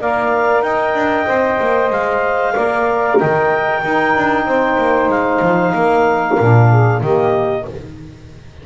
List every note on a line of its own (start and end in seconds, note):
0.00 0.63 A#3
0.00 1.26 A#4
0.00 0.64 D5
0.00 0.62 F5
0.62 0.94 D#4
0.62 2.55 D#5
0.62 1.90 G5
0.94 1.26 D4
1.26 1.60 C4
1.26 2.54 C5
1.60 1.90 A#3
1.90 2.54 G#3
1.90 3.19 F5
2.55 3.21 A#3
2.55 3.83 A#4
2.55 3.18 D5
3.19 3.84 D#3
3.19 3.80 D#5
3.19 5.10 G5
3.80 6.38 D#4
3.80 4.15 D#4
3.80 4.44 A#4
4.16 4.45 D4
4.45 4.77 C4
4.45 5.74 C5
4.78 5.08 A#3
5.08 5.40 G#3
5.08 7.02 F5
5.42 5.74 F3
5.74 6.38 A#3
5.74 6.70 A#4
6.38 7.02 A#2
6.38 7.02 D4
6.70 7.02 G#4
7.02 7.65 D#3
7.02 7.66 A#3
7.02 7.65 G4
7.02 7.66 D#5